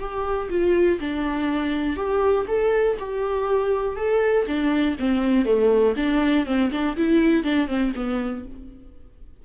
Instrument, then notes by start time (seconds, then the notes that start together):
viola
0.00 G4
0.50 F4
1.01 D4
1.97 G4
2.48 A4
2.99 G4
3.97 A4
4.47 D4
4.99 C4
5.45 A3
5.97 D4
6.46 C4
6.72 D4
6.97 E4
7.44 D4
7.68 C4
7.95 B3